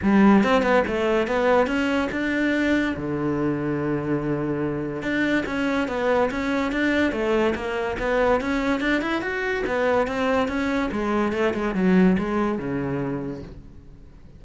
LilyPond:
\new Staff \with { instrumentName = "cello" } { \time 4/4 \tempo 4 = 143 g4 c'8 b8 a4 b4 | cis'4 d'2 d4~ | d1 | d'4 cis'4 b4 cis'4 |
d'4 a4 ais4 b4 | cis'4 d'8 e'8 fis'4 b4 | c'4 cis'4 gis4 a8 gis8 | fis4 gis4 cis2 | }